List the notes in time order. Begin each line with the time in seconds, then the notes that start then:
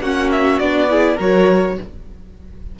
0.00 A#3 C#4 F#4 F#5
0.31 E5
0.59 B3 D4 D5
0.89 E4 G#4
1.16 F#3 F#4 A#4 C#5